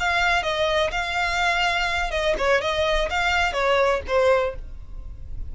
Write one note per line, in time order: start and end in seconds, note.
0.00 0.43 F5
0.43 0.91 D#5
0.91 2.11 F5
2.11 2.35 D#5
2.38 2.61 C#5
2.61 3.09 D#5
3.10 3.53 F5
3.53 4.01 C#5
4.07 4.55 C5